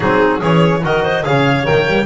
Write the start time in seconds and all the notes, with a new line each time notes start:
0.00 F#3 C4 D#4 G#4
0.38 E3 C#4 G#4 C#5
0.82 D#3 F#4 A#4 D#5
1.03 C5
1.24 C#3 G#4 C#5 F5
1.64 D#3 A#3 G5
1.87 G3